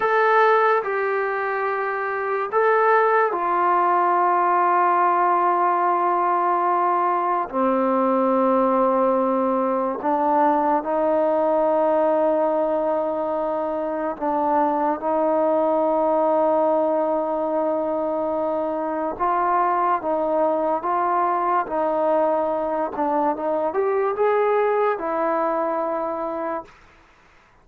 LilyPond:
\new Staff \with { instrumentName = "trombone" } { \time 4/4 \tempo 4 = 72 a'4 g'2 a'4 | f'1~ | f'4 c'2. | d'4 dis'2.~ |
dis'4 d'4 dis'2~ | dis'2. f'4 | dis'4 f'4 dis'4. d'8 | dis'8 g'8 gis'4 e'2 | }